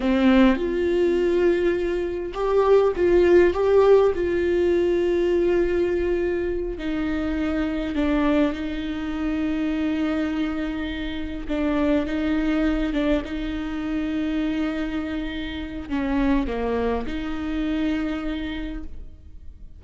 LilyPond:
\new Staff \with { instrumentName = "viola" } { \time 4/4 \tempo 4 = 102 c'4 f'2. | g'4 f'4 g'4 f'4~ | f'2.~ f'8 dis'8~ | dis'4. d'4 dis'4.~ |
dis'2.~ dis'8 d'8~ | d'8 dis'4. d'8 dis'4.~ | dis'2. cis'4 | ais4 dis'2. | }